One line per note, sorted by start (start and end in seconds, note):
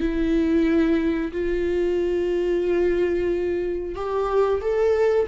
0.00 1.32 E4
1.32 3.95 F4
3.95 4.61 G4
4.62 5.27 A4